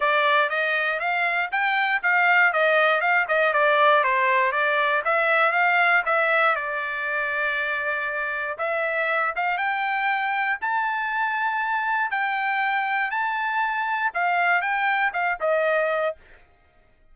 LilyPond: \new Staff \with { instrumentName = "trumpet" } { \time 4/4 \tempo 4 = 119 d''4 dis''4 f''4 g''4 | f''4 dis''4 f''8 dis''8 d''4 | c''4 d''4 e''4 f''4 | e''4 d''2.~ |
d''4 e''4. f''8 g''4~ | g''4 a''2. | g''2 a''2 | f''4 g''4 f''8 dis''4. | }